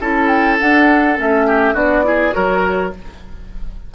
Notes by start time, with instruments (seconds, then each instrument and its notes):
0.00 bassoon C#4, clarinet E4, oboe A4, flute A5
0.28 flute G5
0.59 clarinet D4, bassoon D4, flute F#5
1.17 bassoon A3, clarinet C#4, flute E5
1.47 oboe G4
1.74 bassoon B3, clarinet D4, oboe F#4, flute D5
2.03 clarinet E4, oboe G#4
2.32 bassoon F#3, clarinet F#4, oboe A#4, flute C#5